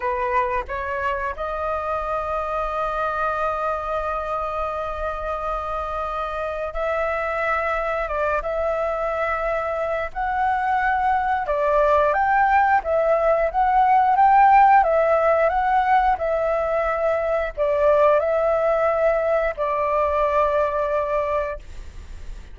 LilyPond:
\new Staff \with { instrumentName = "flute" } { \time 4/4 \tempo 4 = 89 b'4 cis''4 dis''2~ | dis''1~ | dis''2 e''2 | d''8 e''2~ e''8 fis''4~ |
fis''4 d''4 g''4 e''4 | fis''4 g''4 e''4 fis''4 | e''2 d''4 e''4~ | e''4 d''2. | }